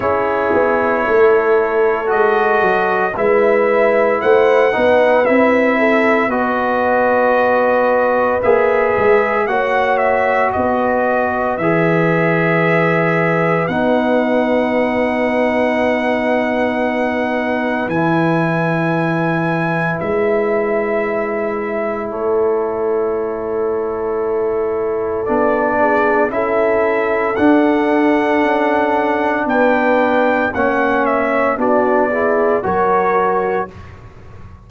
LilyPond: <<
  \new Staff \with { instrumentName = "trumpet" } { \time 4/4 \tempo 4 = 57 cis''2 dis''4 e''4 | fis''4 e''4 dis''2 | e''4 fis''8 e''8 dis''4 e''4~ | e''4 fis''2.~ |
fis''4 gis''2 e''4~ | e''4 cis''2. | d''4 e''4 fis''2 | g''4 fis''8 e''8 d''4 cis''4 | }
  \new Staff \with { instrumentName = "horn" } { \time 4/4 gis'4 a'2 b'4 | c''8 b'4 a'8 b'2~ | b'4 cis''4 b'2~ | b'1~ |
b'1~ | b'4 a'2.~ | a'8 gis'8 a'2. | b'4 cis''4 fis'8 gis'8 ais'4 | }
  \new Staff \with { instrumentName = "trombone" } { \time 4/4 e'2 fis'4 e'4~ | e'8 dis'8 e'4 fis'2 | gis'4 fis'2 gis'4~ | gis'4 dis'2.~ |
dis'4 e'2.~ | e'1 | d'4 e'4 d'2~ | d'4 cis'4 d'8 e'8 fis'4 | }
  \new Staff \with { instrumentName = "tuba" } { \time 4/4 cis'8 b8 a4 gis8 fis8 gis4 | a8 b8 c'4 b2 | ais8 gis8 ais4 b4 e4~ | e4 b2.~ |
b4 e2 gis4~ | gis4 a2. | b4 cis'4 d'4 cis'4 | b4 ais4 b4 fis4 | }
>>